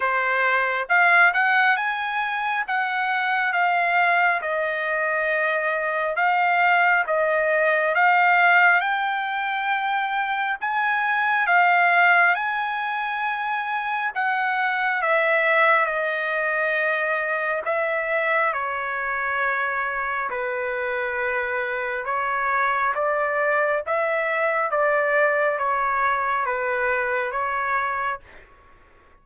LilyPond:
\new Staff \with { instrumentName = "trumpet" } { \time 4/4 \tempo 4 = 68 c''4 f''8 fis''8 gis''4 fis''4 | f''4 dis''2 f''4 | dis''4 f''4 g''2 | gis''4 f''4 gis''2 |
fis''4 e''4 dis''2 | e''4 cis''2 b'4~ | b'4 cis''4 d''4 e''4 | d''4 cis''4 b'4 cis''4 | }